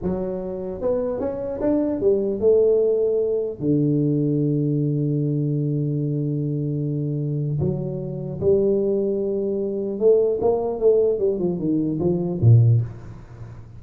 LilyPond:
\new Staff \with { instrumentName = "tuba" } { \time 4/4 \tempo 4 = 150 fis2 b4 cis'4 | d'4 g4 a2~ | a4 d2.~ | d1~ |
d2. fis4~ | fis4 g2.~ | g4 a4 ais4 a4 | g8 f8 dis4 f4 ais,4 | }